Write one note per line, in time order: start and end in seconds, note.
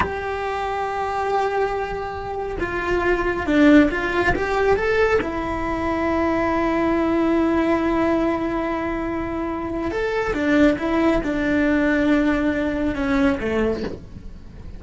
0.00 2.56 G4
2.60 3.46 F4
3.46 3.89 D4
3.90 4.34 F4
4.35 4.76 G4
4.76 5.19 A4
5.21 9.91 E4
9.91 10.33 A4
10.33 10.76 D4
10.78 11.21 E4
11.23 12.95 D4
12.95 13.38 C#4
13.39 13.83 A3